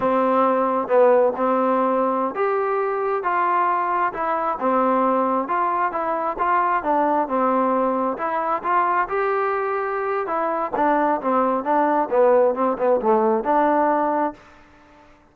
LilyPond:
\new Staff \with { instrumentName = "trombone" } { \time 4/4 \tempo 4 = 134 c'2 b4 c'4~ | c'4~ c'16 g'2 f'8.~ | f'4~ f'16 e'4 c'4.~ c'16~ | c'16 f'4 e'4 f'4 d'8.~ |
d'16 c'2 e'4 f'8.~ | f'16 g'2~ g'8. e'4 | d'4 c'4 d'4 b4 | c'8 b8 a4 d'2 | }